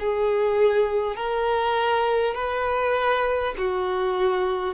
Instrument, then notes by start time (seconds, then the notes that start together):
violin
0.00 G#4
1.16 A#4
2.35 B4
3.58 F#4